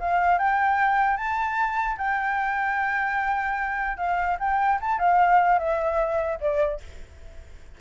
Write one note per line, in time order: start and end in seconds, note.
0.00 0.39 F5
0.39 1.17 G5
1.17 1.97 A5
1.98 3.98 G5
3.98 4.38 F5
4.40 4.80 G5
4.81 4.99 A5
4.99 5.59 F5
5.59 6.39 E5
6.41 6.81 D5